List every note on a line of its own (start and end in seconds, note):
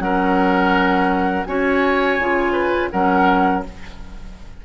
0.00 1.45 F#3
0.00 1.47 C#4
0.00 1.48 A#4
0.00 1.45 F#5
1.45 2.19 C#4
1.45 2.19 F#4
1.45 2.53 C#5
1.45 2.90 G#5
2.19 2.91 C#3
2.19 2.92 F4
2.53 2.89 B4
2.91 3.65 F#3
2.91 3.64 C#4
2.91 3.65 A#4
2.91 3.63 F#5